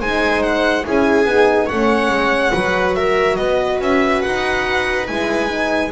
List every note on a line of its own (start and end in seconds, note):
0.00 0.86 G#3
0.00 0.84 D#4
0.00 0.85 C5
0.00 0.43 G#5
0.43 0.85 F#5
0.84 1.25 C#4
0.84 1.26 E4
0.84 1.66 G#4
0.84 1.68 G#5
1.25 1.68 B3
1.25 1.70 D#4
1.66 2.09 A3
1.66 2.53 C#4
1.66 2.50 C#5
1.66 2.95 F#5
2.09 2.51 G#3
2.53 3.39 F#3
2.53 5.07 F#4
2.53 2.96 B4
2.95 3.38 A#4
2.95 3.36 E5
3.36 3.80 B3
3.36 5.92 B4
3.36 3.79 D#5
3.80 4.23 C#4
3.80 4.22 E5
4.22 5.09 D#4
4.22 5.07 F#5
5.07 5.92 G#3
5.07 5.48 E4
5.07 5.92 G#5
5.48 5.91 D#4